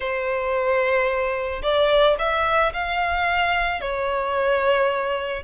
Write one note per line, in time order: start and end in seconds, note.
0.00 1.62 C5
1.62 2.16 D5
2.18 2.72 E5
2.73 3.81 F5
3.81 5.43 C#5